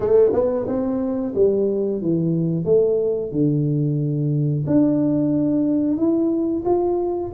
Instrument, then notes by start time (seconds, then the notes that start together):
tuba
0.00 A3
0.32 B3
0.67 C4
1.35 G3
2.01 E3
2.65 A3
3.31 D3
4.66 D4
5.97 E4
6.65 F4